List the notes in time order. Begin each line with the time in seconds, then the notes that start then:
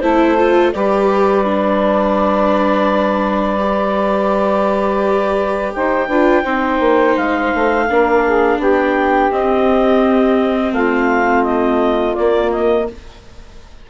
0.00 A3 E4 A4 C5
0.38 F4
0.73 G3 G4 B4 D5
1.45 D4
3.60 G4
5.74 D#4 C5 G5
6.07 D4 F4 B4
6.44 C4 D#4 C5
6.80 A#3
7.17 G#3 F5
7.55 A3
7.89 A#3 D4 A#4
8.26 G#4
8.59 B3 G4 G5
9.31 C4 D#5
10.73 A3 F4 F5
11.44 D#5
12.15 A#3 D5
12.52 D#5